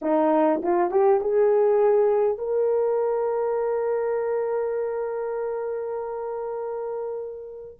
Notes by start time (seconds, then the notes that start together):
0.01 D#4
0.62 F4
0.91 G4
1.21 G#4
2.38 A#4